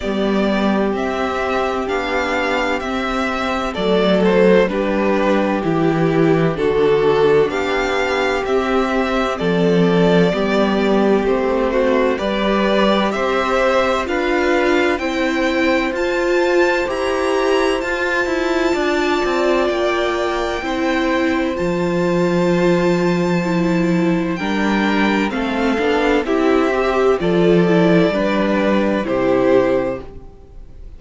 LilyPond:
<<
  \new Staff \with { instrumentName = "violin" } { \time 4/4 \tempo 4 = 64 d''4 e''4 f''4 e''4 | d''8 c''8 b'4 g'4 a'4 | f''4 e''4 d''2 | c''4 d''4 e''4 f''4 |
g''4 a''4 ais''4 a''4~ | a''4 g''2 a''4~ | a''2 g''4 f''4 | e''4 d''2 c''4 | }
  \new Staff \with { instrumentName = "violin" } { \time 4/4 g'1 | a'4 g'2 fis'4 | g'2 a'4 g'4~ | g'8 fis'8 b'4 c''4 b'4 |
c''1 | d''2 c''2~ | c''2 ais'4 a'4 | g'4 a'4 b'4 g'4 | }
  \new Staff \with { instrumentName = "viola" } { \time 4/4 b4 c'4 d'4 c'4 | a4 d'4 e'4 d'4~ | d'4 c'2 b4 | c'4 g'2 f'4 |
e'4 f'4 g'4 f'4~ | f'2 e'4 f'4~ | f'4 e'4 d'4 c'8 d'8 | e'8 g'8 f'8 e'8 d'4 e'4 | }
  \new Staff \with { instrumentName = "cello" } { \time 4/4 g4 c'4 b4 c'4 | fis4 g4 e4 d4 | b4 c'4 f4 g4 | a4 g4 c'4 d'4 |
c'4 f'4 e'4 f'8 e'8 | d'8 c'8 ais4 c'4 f4~ | f2 g4 a8 b8 | c'4 f4 g4 c4 | }
>>